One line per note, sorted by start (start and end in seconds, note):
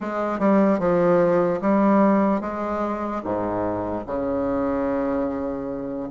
0.00 0.39 G#3
0.39 0.79 G3
0.79 1.60 F3
1.61 2.41 G3
2.41 3.22 G#3
3.24 4.05 G#2
4.06 6.09 C#3